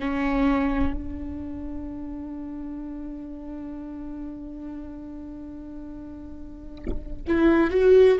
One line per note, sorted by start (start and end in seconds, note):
0.00 0.93 C#4
0.93 7.22 D4
7.28 7.71 E4
7.71 8.19 F#4